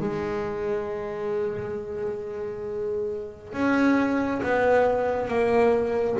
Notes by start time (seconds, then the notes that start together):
0.00 G#3
3.53 C#4
4.43 B3
5.28 A#3